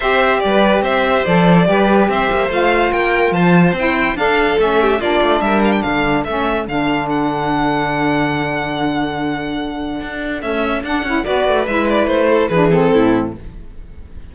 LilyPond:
<<
  \new Staff \with { instrumentName = "violin" } { \time 4/4 \tempo 4 = 144 e''4 d''4 e''4 d''4~ | d''4 e''4 f''4 g''4 | a''4 g''4 f''4 e''4 | d''4 e''8 f''16 g''16 f''4 e''4 |
f''4 fis''2.~ | fis''1~ | fis''4 e''4 fis''4 d''4 | e''8 d''8 c''4 b'8 a'4. | }
  \new Staff \with { instrumentName = "violin" } { \time 4/4 c''4 b'4 c''2 | b'4 c''2 ais'4 | c''2 a'4. g'8 | f'4 ais'4 a'2~ |
a'1~ | a'1~ | a'2. b'4~ | b'4. a'8 gis'4 e'4 | }
  \new Staff \with { instrumentName = "saxophone" } { \time 4/4 g'2. a'4 | g'2 f'2~ | f'4 e'4 d'4 cis'4 | d'2. cis'4 |
d'1~ | d'1~ | d'4 a4 d'8 e'8 fis'4 | e'2 d'8 c'4. | }
  \new Staff \with { instrumentName = "cello" } { \time 4/4 c'4 g4 c'4 f4 | g4 c'8 ais8 a4 ais4 | f4 c'4 d'4 a4 | ais8 a8 g4 d4 a4 |
d1~ | d1 | d'4 cis'4 d'8 cis'8 b8 a8 | gis4 a4 e4 a,4 | }
>>